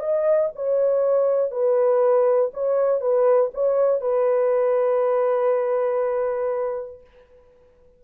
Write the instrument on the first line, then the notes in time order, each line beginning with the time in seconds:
horn
0.00 D#5
0.56 C#5
1.52 B4
2.54 C#5
3.01 B4
3.54 C#5
4.01 B4